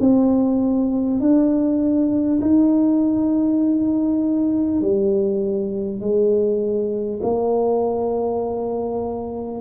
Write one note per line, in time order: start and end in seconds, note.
0.00 1.20 C4
1.21 2.41 D4
2.42 4.82 D#4
4.82 6.01 G3
6.01 7.21 G#3
7.23 9.61 A#3